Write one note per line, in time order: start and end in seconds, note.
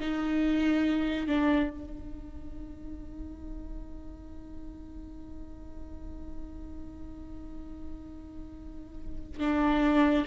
0.00 1.27 D#4
1.27 1.70 D4
1.70 9.40 D#4
9.40 10.25 D4